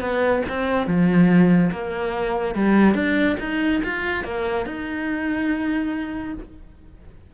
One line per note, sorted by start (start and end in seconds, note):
0.00 0.42 B3
0.48 0.86 C4
0.86 1.70 F3
1.71 2.54 A#3
2.54 2.94 G3
2.94 3.36 D4
3.40 3.82 D#4
3.83 4.24 F4
4.24 4.66 A#3
4.66 6.34 D#4